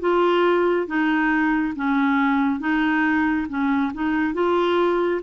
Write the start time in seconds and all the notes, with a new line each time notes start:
0.00 F4
0.87 D#4
1.76 C#4
2.60 D#4
3.49 C#4
3.94 D#4
4.34 F4